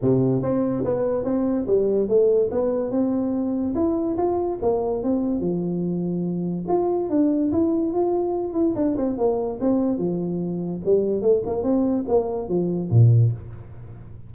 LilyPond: \new Staff \with { instrumentName = "tuba" } { \time 4/4 \tempo 4 = 144 c4 c'4 b4 c'4 | g4 a4 b4 c'4~ | c'4 e'4 f'4 ais4 | c'4 f2. |
f'4 d'4 e'4 f'4~ | f'8 e'8 d'8 c'8 ais4 c'4 | f2 g4 a8 ais8 | c'4 ais4 f4 ais,4 | }